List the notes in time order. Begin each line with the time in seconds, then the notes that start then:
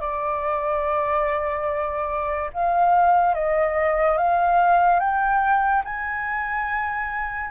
0.00 D5
2.53 F5
3.34 D#5
4.17 F5
4.99 G5
5.84 G#5